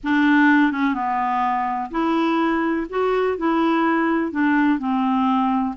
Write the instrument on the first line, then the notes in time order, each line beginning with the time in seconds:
clarinet
0.03 D4
0.71 C#4
0.94 B3
1.90 E4
2.89 F#4
3.37 E4
4.31 D4
4.78 C4